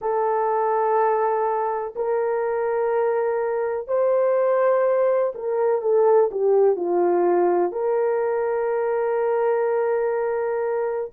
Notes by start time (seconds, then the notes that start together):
0.00 A4
1.95 A#4
3.87 C5
5.34 A#4
5.81 A4
6.31 G4
6.76 F4
7.72 A#4